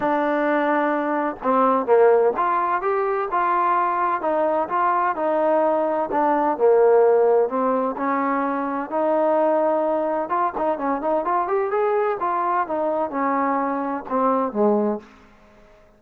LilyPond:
\new Staff \with { instrumentName = "trombone" } { \time 4/4 \tempo 4 = 128 d'2. c'4 | ais4 f'4 g'4 f'4~ | f'4 dis'4 f'4 dis'4~ | dis'4 d'4 ais2 |
c'4 cis'2 dis'4~ | dis'2 f'8 dis'8 cis'8 dis'8 | f'8 g'8 gis'4 f'4 dis'4 | cis'2 c'4 gis4 | }